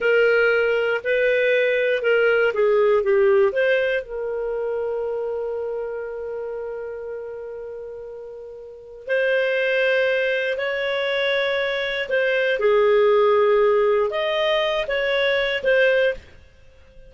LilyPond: \new Staff \with { instrumentName = "clarinet" } { \time 4/4 \tempo 4 = 119 ais'2 b'2 | ais'4 gis'4 g'4 c''4 | ais'1~ | ais'1~ |
ais'2 c''2~ | c''4 cis''2. | c''4 gis'2. | dis''4. cis''4. c''4 | }